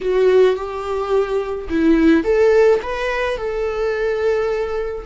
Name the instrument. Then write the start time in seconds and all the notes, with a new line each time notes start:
viola
0.00 F#4
0.56 G4
1.69 E4
2.24 A4
2.82 B4
3.37 A4